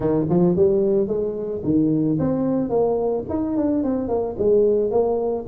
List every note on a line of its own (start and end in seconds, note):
0.00 0.26 D#3
0.29 0.56 F3
0.56 1.07 G3
1.07 1.62 G#3
1.63 2.18 D#3
2.19 2.69 C4
2.69 3.24 A#3
3.29 3.56 D#4
3.57 3.83 D4
3.83 4.08 C4
4.08 4.35 A#3
4.38 4.90 G#3
4.90 5.45 A#3